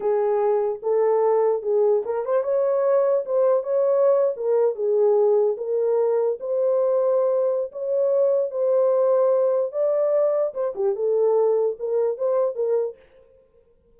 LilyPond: \new Staff \with { instrumentName = "horn" } { \time 4/4 \tempo 4 = 148 gis'2 a'2 | gis'4 ais'8 c''8 cis''2 | c''4 cis''4.~ cis''16 ais'4 gis'16~ | gis'4.~ gis'16 ais'2 c''16~ |
c''2. cis''4~ | cis''4 c''2. | d''2 c''8 g'8 a'4~ | a'4 ais'4 c''4 ais'4 | }